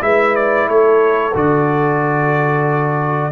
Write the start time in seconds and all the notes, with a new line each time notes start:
0.00 G#3 E4 B4 E5
0.35 D5
0.67 A3 A4 C#5
1.33 D3 F#4 D5